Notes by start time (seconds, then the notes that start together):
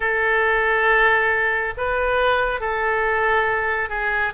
0.00 A4
1.77 B4
2.60 A4
3.89 G#4